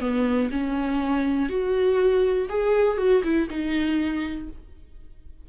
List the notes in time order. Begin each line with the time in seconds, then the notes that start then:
0.00 B3
0.51 C#4
1.49 F#4
2.49 G#4
2.98 F#4
3.23 E4
3.49 D#4